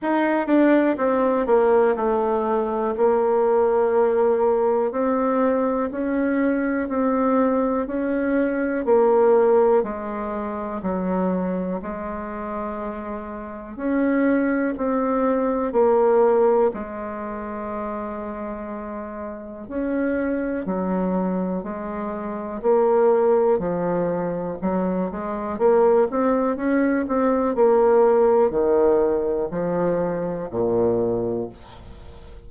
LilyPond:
\new Staff \with { instrumentName = "bassoon" } { \time 4/4 \tempo 4 = 61 dis'8 d'8 c'8 ais8 a4 ais4~ | ais4 c'4 cis'4 c'4 | cis'4 ais4 gis4 fis4 | gis2 cis'4 c'4 |
ais4 gis2. | cis'4 fis4 gis4 ais4 | f4 fis8 gis8 ais8 c'8 cis'8 c'8 | ais4 dis4 f4 ais,4 | }